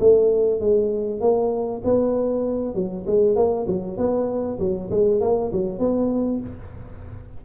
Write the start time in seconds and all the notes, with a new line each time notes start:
0.00 A3
0.60 G#3
1.21 A#3
1.84 B3
2.75 F#3
3.07 G#3
3.36 A#3
3.67 F#3
3.97 B3
4.59 F#3
4.91 G#3
5.21 A#3
5.52 F#3
5.79 B3